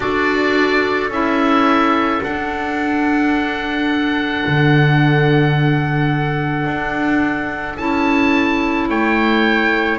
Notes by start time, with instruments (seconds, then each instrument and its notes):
0.00 double bass D4, clarinet F#4, trumpet A4, oboe D5
1.09 double bass C#4, clarinet E4, oboe E5
2.21 clarinet D4, double bass D4, oboe F#5
4.46 double bass D3
6.66 double bass D4
7.77 double bass C#4, clarinet E4, oboe A5
8.89 double bass A3, trumpet C#5, oboe G5